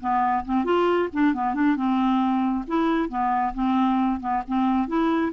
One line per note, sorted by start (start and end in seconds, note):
0.00 0.44 B3
0.45 0.64 C4
0.64 1.09 F4
1.13 1.34 D4
1.34 1.54 B3
1.54 1.76 D4
1.76 2.65 C4
2.67 3.09 E4
3.09 3.53 B3
3.54 4.20 C4
4.20 4.42 B3
4.47 4.87 C4
4.87 5.32 E4